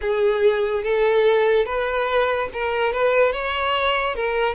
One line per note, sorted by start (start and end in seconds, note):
0.01 0.83 G#4
0.83 1.65 A4
1.65 2.48 B4
2.53 2.92 A#4
2.92 3.32 B4
3.32 4.15 C#5
4.15 4.54 A#4